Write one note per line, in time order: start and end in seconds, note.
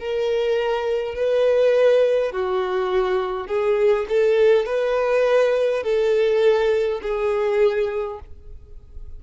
0.00 1.16 A#4
1.16 2.32 B4
2.32 3.48 F#4
3.48 4.06 G#4
4.09 4.66 A4
4.66 5.83 B4
5.83 7.01 A4
7.02 8.20 G#4